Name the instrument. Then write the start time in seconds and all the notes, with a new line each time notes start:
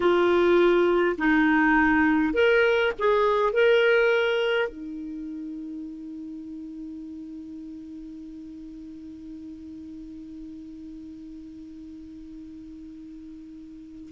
clarinet
0.00 F4
1.18 D#4
2.33 A#4
2.98 G#4
3.52 A#4
4.68 D#4